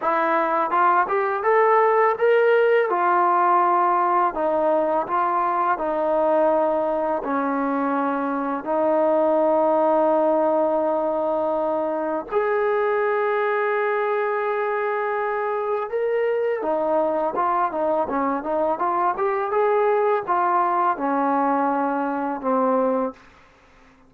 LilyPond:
\new Staff \with { instrumentName = "trombone" } { \time 4/4 \tempo 4 = 83 e'4 f'8 g'8 a'4 ais'4 | f'2 dis'4 f'4 | dis'2 cis'2 | dis'1~ |
dis'4 gis'2.~ | gis'2 ais'4 dis'4 | f'8 dis'8 cis'8 dis'8 f'8 g'8 gis'4 | f'4 cis'2 c'4 | }